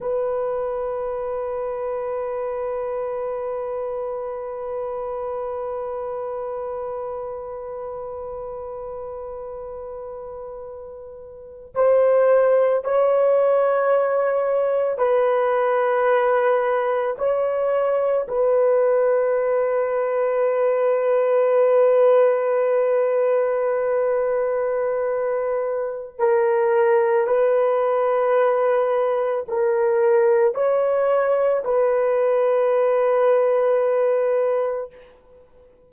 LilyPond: \new Staff \with { instrumentName = "horn" } { \time 4/4 \tempo 4 = 55 b'1~ | b'1~ | b'2~ b'8. c''4 cis''16~ | cis''4.~ cis''16 b'2 cis''16~ |
cis''8. b'2.~ b'16~ | b'1 | ais'4 b'2 ais'4 | cis''4 b'2. | }